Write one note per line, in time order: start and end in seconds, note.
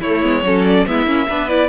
0.00 0.24 A3
0.00 0.23 A3
0.00 0.42 E4
0.00 0.65 C#5
0.23 0.43 G#3
0.23 0.44 B3
0.43 0.85 F#3
0.43 0.86 C#4
0.43 0.88 A4
0.65 0.86 D5
0.86 1.06 G#3
0.86 1.06 B3
0.86 1.28 E4
0.86 1.49 E5
1.06 1.27 A#3
1.06 1.27 C#4
1.28 1.69 B3
1.28 1.49 D4
1.28 1.69 B4
1.49 1.69 E4
1.49 1.69 D5